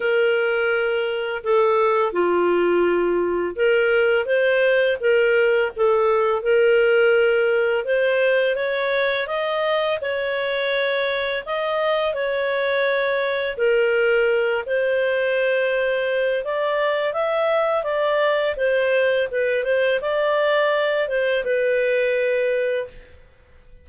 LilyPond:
\new Staff \with { instrumentName = "clarinet" } { \time 4/4 \tempo 4 = 84 ais'2 a'4 f'4~ | f'4 ais'4 c''4 ais'4 | a'4 ais'2 c''4 | cis''4 dis''4 cis''2 |
dis''4 cis''2 ais'4~ | ais'8 c''2~ c''8 d''4 | e''4 d''4 c''4 b'8 c''8 | d''4. c''8 b'2 | }